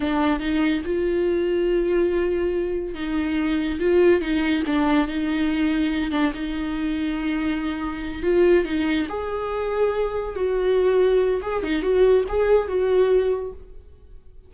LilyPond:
\new Staff \with { instrumentName = "viola" } { \time 4/4 \tempo 4 = 142 d'4 dis'4 f'2~ | f'2. dis'4~ | dis'4 f'4 dis'4 d'4 | dis'2~ dis'8 d'8 dis'4~ |
dis'2.~ dis'8 f'8~ | f'8 dis'4 gis'2~ gis'8~ | gis'8 fis'2~ fis'8 gis'8 dis'8 | fis'4 gis'4 fis'2 | }